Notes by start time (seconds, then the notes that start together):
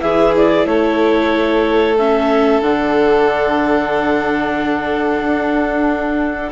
0.00 E3 E4 G#4 E5
0.37 D5
0.65 A3 A4 C#5
1.98 C#4 E5
2.62 D3 D4 F#5
5.24 D4